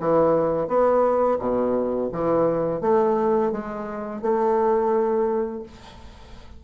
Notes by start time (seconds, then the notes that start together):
0.00 E3
0.68 B3
1.39 B2
2.12 E3
2.81 A3
3.52 G#3
4.22 A3